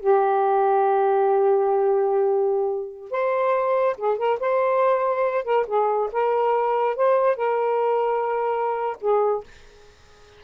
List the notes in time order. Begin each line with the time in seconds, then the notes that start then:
0.00 G4
3.11 C5
3.98 G#4
4.18 A#4
4.40 C5
5.44 A#4
5.67 G#4
6.12 A#4
6.96 C5
7.36 A#4
9.01 G#4